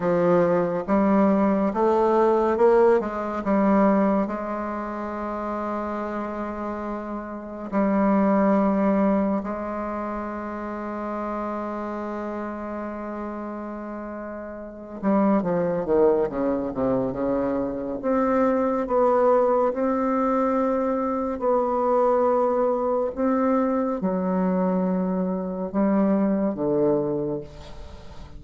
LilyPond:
\new Staff \with { instrumentName = "bassoon" } { \time 4/4 \tempo 4 = 70 f4 g4 a4 ais8 gis8 | g4 gis2.~ | gis4 g2 gis4~ | gis1~ |
gis4. g8 f8 dis8 cis8 c8 | cis4 c'4 b4 c'4~ | c'4 b2 c'4 | fis2 g4 d4 | }